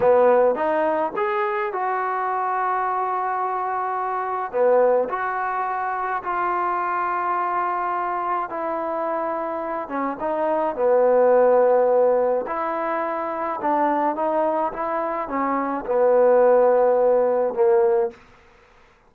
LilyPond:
\new Staff \with { instrumentName = "trombone" } { \time 4/4 \tempo 4 = 106 b4 dis'4 gis'4 fis'4~ | fis'1 | b4 fis'2 f'4~ | f'2. e'4~ |
e'4. cis'8 dis'4 b4~ | b2 e'2 | d'4 dis'4 e'4 cis'4 | b2. ais4 | }